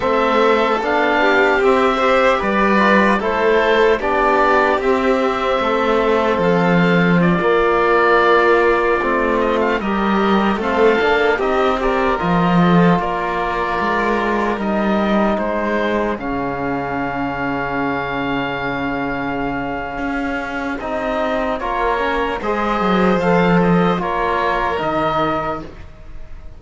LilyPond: <<
  \new Staff \with { instrumentName = "oboe" } { \time 4/4 \tempo 4 = 75 e''4 f''4 e''4 d''4 | c''4 d''4 e''2 | f''4 d''2~ d''8. dis''16 | f''16 dis''4 f''4 dis''8 d''8 dis''8.~ |
dis''16 d''2 dis''4 c''8.~ | c''16 f''2.~ f''8.~ | f''2 dis''4 cis''4 | dis''4 f''8 dis''8 cis''4 dis''4 | }
  \new Staff \with { instrumentName = "violin" } { \time 4/4 a'4. g'4 c''8 b'4 | a'4 g'2 a'4~ | a'4 f'2.~ | f'16 ais'4 a'4 g'8 ais'4 a'16~ |
a'16 ais'2. gis'8.~ | gis'1~ | gis'2. ais'4 | c''2 ais'2 | }
  \new Staff \with { instrumentName = "trombone" } { \time 4/4 c'4 d'4 c'8 g'4 f'8 | e'4 d'4 c'2~ | c'4~ c'16 ais2 c'8.~ | c'16 g'4 c'8 d'8 dis'8 g'8 f'8.~ |
f'2~ f'16 dis'4.~ dis'16~ | dis'16 cis'2.~ cis'8.~ | cis'2 dis'4 f'8 cis'8 | gis'4 a'4 f'4 dis'4 | }
  \new Staff \with { instrumentName = "cello" } { \time 4/4 a4 b4 c'4 g4 | a4 b4 c'4 a4 | f4~ f16 ais2 a8.~ | a16 g4 a8 ais8 c'4 f8.~ |
f16 ais4 gis4 g4 gis8.~ | gis16 cis2.~ cis8.~ | cis4 cis'4 c'4 ais4 | gis8 fis8 f4 ais4 dis4 | }
>>